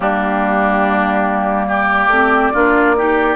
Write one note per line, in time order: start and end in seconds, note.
0.00 2.07 G3
0.00 2.11 A#3
0.00 1.66 D4
0.00 1.67 G4
1.68 2.52 G4
1.68 3.35 D5
2.07 2.50 A3
2.07 2.53 C4
2.53 3.35 A#3
2.53 2.95 D4
2.53 2.95 F4
2.97 3.35 D#4
2.97 3.35 G4